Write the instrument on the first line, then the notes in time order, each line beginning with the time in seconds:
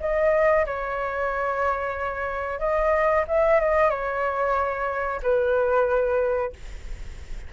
flute
0.00 D#5
0.66 C#5
2.59 D#5
3.28 E5
3.60 D#5
3.90 C#5
5.22 B4